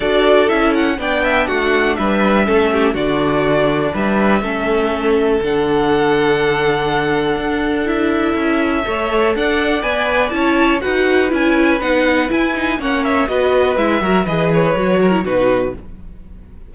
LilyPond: <<
  \new Staff \with { instrumentName = "violin" } { \time 4/4 \tempo 4 = 122 d''4 e''8 fis''8 g''4 fis''4 | e''2 d''2 | e''2. fis''4~ | fis''1 |
e''2. fis''4 | gis''4 a''4 fis''4 gis''4 | fis''4 gis''4 fis''8 e''8 dis''4 | e''4 dis''8 cis''4. b'4 | }
  \new Staff \with { instrumentName = "violin" } { \time 4/4 a'2 d''8 e''8 fis'4 | b'4 a'8 g'8 fis'2 | b'4 a'2.~ | a'1~ |
a'2 cis''4 d''4~ | d''4 cis''4 b'2~ | b'2 cis''4 b'4~ | b'8 ais'8 b'4. ais'8 fis'4 | }
  \new Staff \with { instrumentName = "viola" } { \time 4/4 fis'4 e'4 d'2~ | d'4 cis'4 d'2~ | d'4 cis'2 d'4~ | d'1 |
e'2 a'2 | b'4 e'4 fis'4 e'4 | dis'4 e'8 dis'8 cis'4 fis'4 | e'8 fis'8 gis'4 fis'8. e'16 dis'4 | }
  \new Staff \with { instrumentName = "cello" } { \time 4/4 d'4 cis'4 b4 a4 | g4 a4 d2 | g4 a2 d4~ | d2. d'4~ |
d'4 cis'4 a4 d'4 | b4 cis'4 dis'4 cis'4 | b4 e'4 ais4 b4 | gis8 fis8 e4 fis4 b,4 | }
>>